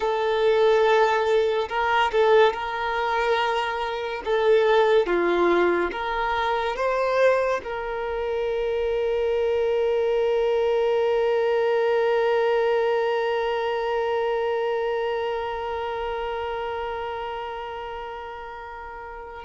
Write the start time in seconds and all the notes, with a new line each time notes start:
0.00 A4
1.69 A#4
2.12 A4
2.53 A#4
4.24 A4
5.06 F4
5.91 A#4
6.76 C5
7.63 A#4